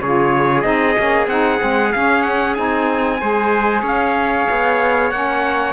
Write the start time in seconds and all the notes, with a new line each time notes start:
0.00 C#3 F4 G#4 C#5
0.61 C4 D#4 D#5
0.95 A#3 C#4
1.27 C4 D#4 F#5
1.58 G#3 C4
1.92 C#4 F5
2.22 F#5
2.54 C4 D#4 G#5
3.20 G#3 G#4 C5
3.82 C#4 C#5 F5
4.49 B3
5.11 A#3 C#4 F#5